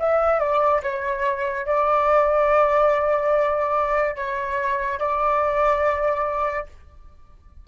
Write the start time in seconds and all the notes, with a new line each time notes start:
0.00 E5
0.40 D5
0.83 C#5
1.66 D5
4.16 C#5
4.99 D5